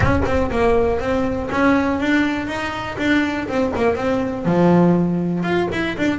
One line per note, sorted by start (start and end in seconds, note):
0.00 0.21 C#4
0.25 0.50 C4
0.50 0.99 A#3
0.99 1.49 C4
1.51 1.99 C#4
1.99 2.47 D4
2.47 2.96 D#4
2.98 3.47 D4
3.48 3.72 C4
3.76 3.95 A#3
3.95 4.45 C4
4.45 5.43 F3
5.43 5.68 F4
5.72 5.96 E4
5.97 6.18 D4